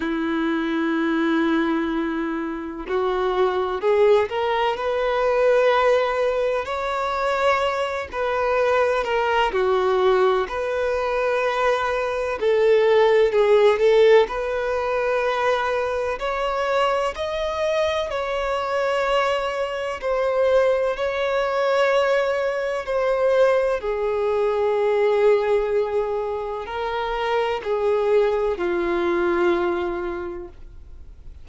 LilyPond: \new Staff \with { instrumentName = "violin" } { \time 4/4 \tempo 4 = 63 e'2. fis'4 | gis'8 ais'8 b'2 cis''4~ | cis''8 b'4 ais'8 fis'4 b'4~ | b'4 a'4 gis'8 a'8 b'4~ |
b'4 cis''4 dis''4 cis''4~ | cis''4 c''4 cis''2 | c''4 gis'2. | ais'4 gis'4 f'2 | }